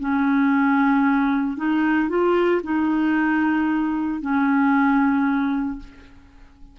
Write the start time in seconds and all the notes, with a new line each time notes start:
0.00 C#4
1.57 D#4
2.09 F4
2.63 D#4
4.21 C#4